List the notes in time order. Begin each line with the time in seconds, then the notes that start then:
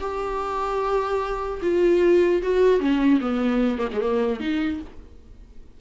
0.00 G4
1.62 F4
2.42 F#4
2.80 C#4
3.20 B3
3.78 A#3
3.93 G#3
4.01 A#3
4.40 D#4